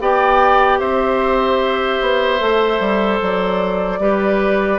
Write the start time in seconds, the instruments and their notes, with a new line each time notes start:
0.00 bassoon B3, clarinet G4, oboe D5, flute G5
0.79 bassoon C4, oboe C5, flute E5
2.01 bassoon B3
2.40 bassoon A3, clarinet A4
2.80 bassoon G3
3.22 bassoon F#3, flute D5
4.00 bassoon G3, clarinet G4, oboe B4